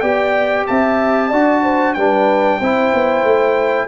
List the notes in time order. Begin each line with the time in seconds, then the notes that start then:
0.00 B3 G4 D5 G5
0.67 C4 E5 A5
1.29 D4 F#4 D5
1.63 C5
1.93 G3 D4 B4 G5
2.58 C4 E4 C5
2.93 B3
3.23 A3